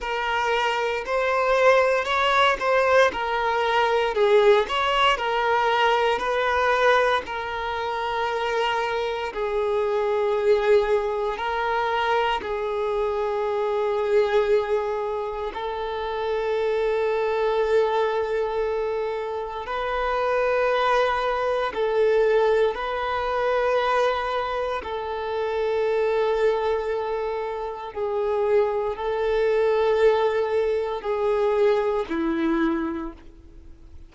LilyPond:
\new Staff \with { instrumentName = "violin" } { \time 4/4 \tempo 4 = 58 ais'4 c''4 cis''8 c''8 ais'4 | gis'8 cis''8 ais'4 b'4 ais'4~ | ais'4 gis'2 ais'4 | gis'2. a'4~ |
a'2. b'4~ | b'4 a'4 b'2 | a'2. gis'4 | a'2 gis'4 e'4 | }